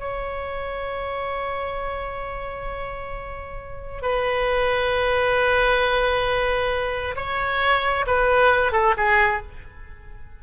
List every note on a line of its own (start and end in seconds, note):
0.00 4.02 C#5
4.02 7.16 B4
7.16 8.06 C#5
8.07 8.72 B4
8.72 8.95 A4
8.98 9.42 G#4